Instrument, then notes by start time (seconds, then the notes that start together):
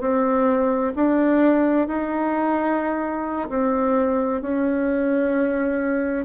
bassoon
0.00 C4
0.96 D4
1.87 D#4
3.49 C4
4.41 C#4